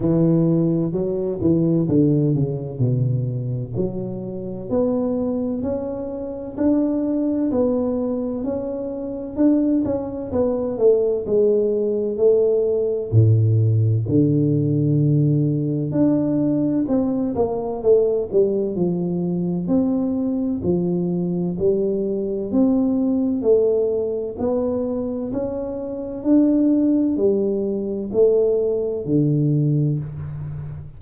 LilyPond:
\new Staff \with { instrumentName = "tuba" } { \time 4/4 \tempo 4 = 64 e4 fis8 e8 d8 cis8 b,4 | fis4 b4 cis'4 d'4 | b4 cis'4 d'8 cis'8 b8 a8 | gis4 a4 a,4 d4~ |
d4 d'4 c'8 ais8 a8 g8 | f4 c'4 f4 g4 | c'4 a4 b4 cis'4 | d'4 g4 a4 d4 | }